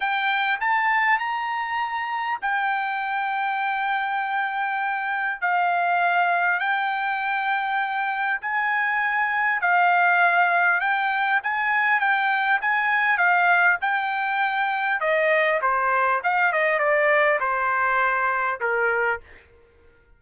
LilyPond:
\new Staff \with { instrumentName = "trumpet" } { \time 4/4 \tempo 4 = 100 g''4 a''4 ais''2 | g''1~ | g''4 f''2 g''4~ | g''2 gis''2 |
f''2 g''4 gis''4 | g''4 gis''4 f''4 g''4~ | g''4 dis''4 c''4 f''8 dis''8 | d''4 c''2 ais'4 | }